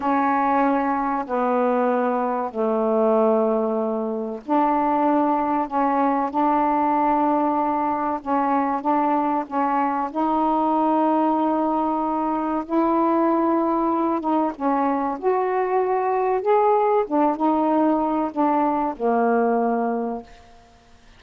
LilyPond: \new Staff \with { instrumentName = "saxophone" } { \time 4/4 \tempo 4 = 95 cis'2 b2 | a2. d'4~ | d'4 cis'4 d'2~ | d'4 cis'4 d'4 cis'4 |
dis'1 | e'2~ e'8 dis'8 cis'4 | fis'2 gis'4 d'8 dis'8~ | dis'4 d'4 ais2 | }